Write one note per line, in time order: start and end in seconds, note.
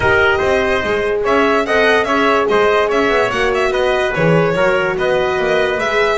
0.00 0.39 D#4
0.00 0.83 G4
0.00 0.38 A#4
0.00 1.21 D#5
0.38 0.83 C4
0.38 1.21 C5
0.83 1.24 G#3
0.83 1.66 G#4
1.23 1.66 C#4
1.23 1.64 C#5
1.23 1.66 E5
1.66 2.04 C4
1.66 2.07 A4
1.66 2.07 D#5
1.66 2.04 F#5
2.04 2.45 C#4
2.04 3.31 G#4
2.04 2.48 C#5
2.04 2.45 E5
2.48 2.90 G#3
2.48 2.88 C5
2.48 2.89 D#5
2.88 3.08 C#4
2.88 3.70 C#5
2.88 3.30 E5
3.08 3.29 B3
3.30 3.70 A#3
3.30 4.14 F#4
3.30 3.51 F#5
3.54 3.72 E5
3.70 4.12 B3
3.70 4.55 B4
3.70 4.13 D#5
4.14 4.54 E3
4.14 4.55 G#4
4.14 4.97 C#5
4.54 4.96 F#3
4.54 5.79 F#4
4.54 4.97 A#4
4.96 5.38 B3
4.96 6.17 B4
4.96 5.79 D#5
5.38 5.78 A#3
5.78 6.17 G#3
5.78 6.17 G#4
5.78 6.17 E5